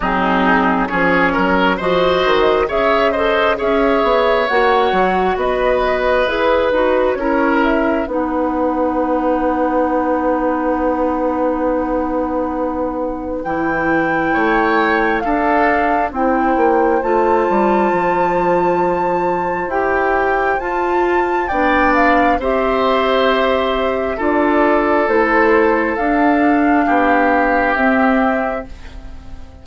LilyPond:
<<
  \new Staff \with { instrumentName = "flute" } { \time 4/4 \tempo 4 = 67 gis'4 cis''4 dis''4 e''8 dis''8 | e''4 fis''4 dis''4 b'4 | cis''8 e''8 fis''2.~ | fis''2. g''4~ |
g''4 f''4 g''4 a''4~ | a''2 g''4 a''4 | g''8 f''8 e''2 d''4 | c''4 f''2 e''4 | }
  \new Staff \with { instrumentName = "oboe" } { \time 4/4 dis'4 gis'8 ais'8 c''4 cis''8 c''8 | cis''2 b'2 | ais'4 b'2.~ | b'1 |
cis''4 a'4 c''2~ | c''1 | d''4 c''2 a'4~ | a'2 g'2 | }
  \new Staff \with { instrumentName = "clarinet" } { \time 4/4 c'4 cis'4 fis'4 gis'8 a'8 | gis'4 fis'2 gis'8 fis'8 | e'4 dis'2.~ | dis'2. e'4~ |
e'4 d'4 e'4 f'4~ | f'2 g'4 f'4 | d'4 g'2 f'4 | e'4 d'2 c'4 | }
  \new Staff \with { instrumentName = "bassoon" } { \time 4/4 fis4 f8 fis8 f8 dis8 cis4 | cis'8 b8 ais8 fis8 b4 e'8 dis'8 | cis'4 b2.~ | b2. e4 |
a4 d'4 c'8 ais8 a8 g8 | f2 e'4 f'4 | b4 c'2 d'4 | a4 d'4 b4 c'4 | }
>>